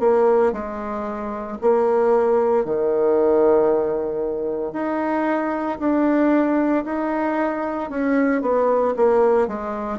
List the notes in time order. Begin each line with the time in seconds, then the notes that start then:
0.00 A#3
0.53 G#3
1.61 A#3
2.65 D#3
4.73 D#4
5.79 D4
6.85 D#4
7.90 C#4
8.42 B3
8.97 A#3
9.48 G#3